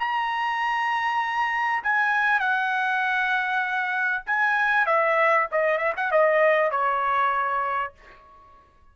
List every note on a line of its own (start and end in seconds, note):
0.00 1.84 A#5
1.84 2.40 G#5
2.40 4.24 F#5
4.27 4.86 G#5
4.86 5.48 E5
5.52 5.78 D#5
5.78 5.94 E5
5.97 6.12 F#5
6.12 6.71 D#5
6.71 7.94 C#5